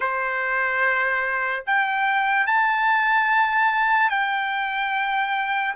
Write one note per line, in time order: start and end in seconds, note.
0.00 1.64 C5
1.66 2.47 G5
2.47 4.09 A5
4.09 5.74 G5